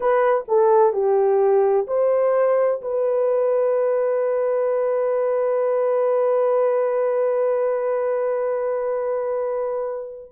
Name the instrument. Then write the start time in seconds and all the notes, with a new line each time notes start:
horn
0.00 B4
0.47 A4
0.92 G4
1.87 C5
2.81 B4